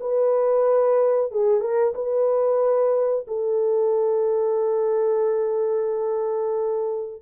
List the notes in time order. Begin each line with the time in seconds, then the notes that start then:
0.00 B4
1.31 G#4
1.60 A#4
1.94 B4
3.27 A4